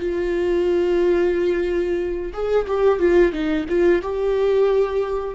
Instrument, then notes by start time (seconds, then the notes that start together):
viola
0.00 F4
2.34 G#4
2.68 G4
3.00 F4
3.33 D#4
3.69 F4
4.02 G4